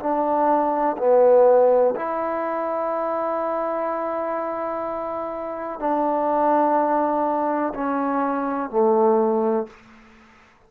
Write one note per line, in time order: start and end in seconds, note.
0.00 0.97 D4
0.98 1.95 B3
1.96 5.80 E4
5.80 7.73 D4
7.75 8.71 C#4
8.71 9.67 A3